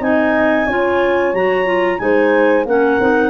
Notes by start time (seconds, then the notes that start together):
0.00 C4 D#4 D#5 G#5
0.67 C#4 F4 C#5
1.33 F#3 F#4 A#5
1.65 F4
1.98 G#3 D#4 C5 G#5
2.65 A#3 C#4 A#4 F#5
3.00 C4 D#4